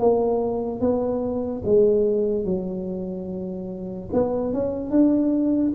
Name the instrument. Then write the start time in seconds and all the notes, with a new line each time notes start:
tuba
0.00 A#3
0.81 B3
1.65 G#3
2.45 F#3
4.13 B3
4.54 C#4
4.91 D4